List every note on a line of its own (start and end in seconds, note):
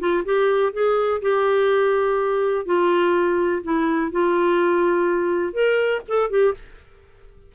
0.00 0.24 F4
0.25 0.73 G4
0.73 1.22 G#4
1.22 2.66 G4
2.66 3.63 F4
3.64 4.12 E4
4.12 5.54 F4
5.54 6.02 A#4
6.08 6.30 A4
6.30 6.55 G4